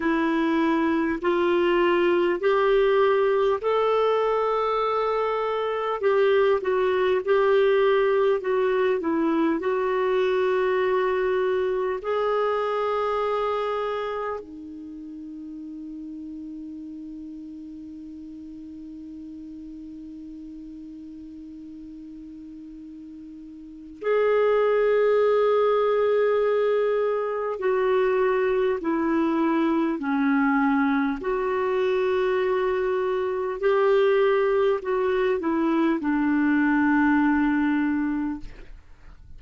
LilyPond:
\new Staff \with { instrumentName = "clarinet" } { \time 4/4 \tempo 4 = 50 e'4 f'4 g'4 a'4~ | a'4 g'8 fis'8 g'4 fis'8 e'8 | fis'2 gis'2 | dis'1~ |
dis'1 | gis'2. fis'4 | e'4 cis'4 fis'2 | g'4 fis'8 e'8 d'2 | }